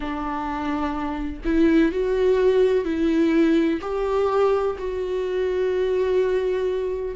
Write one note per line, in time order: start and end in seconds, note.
0.00 1.41 D4
1.44 1.92 E4
1.92 2.84 F#4
2.84 3.80 E4
3.81 4.76 G4
4.78 7.15 F#4